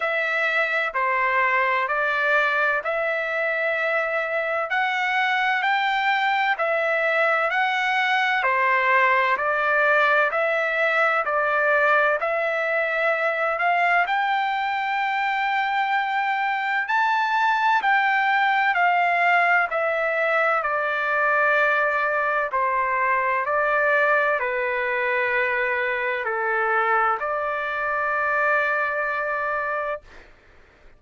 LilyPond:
\new Staff \with { instrumentName = "trumpet" } { \time 4/4 \tempo 4 = 64 e''4 c''4 d''4 e''4~ | e''4 fis''4 g''4 e''4 | fis''4 c''4 d''4 e''4 | d''4 e''4. f''8 g''4~ |
g''2 a''4 g''4 | f''4 e''4 d''2 | c''4 d''4 b'2 | a'4 d''2. | }